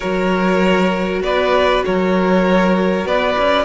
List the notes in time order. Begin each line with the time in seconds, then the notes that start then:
0.00 F#3 F#4 A#4 C#5
1.21 B3 B4 D5
1.84 F#3 A#4 C#5
3.05 B3 B4 D5
3.38 C#4